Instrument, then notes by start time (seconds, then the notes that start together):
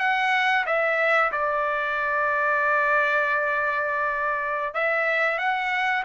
trumpet
0.00 F#5
0.66 E5
1.32 D5
4.75 E5
5.38 F#5